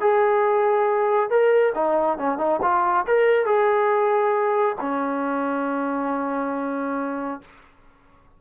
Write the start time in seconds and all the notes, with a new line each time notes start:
0.00 G#4
1.30 A#4
1.75 D#4
2.18 C#4
2.38 D#4
2.62 F4
3.07 A#4
3.45 G#4
4.80 C#4